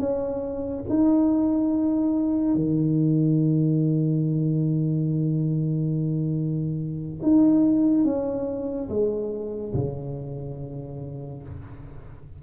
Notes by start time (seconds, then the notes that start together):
0.00 C#4
0.90 D#4
2.55 D#3
7.23 D#4
8.05 C#4
8.90 G#3
9.75 C#3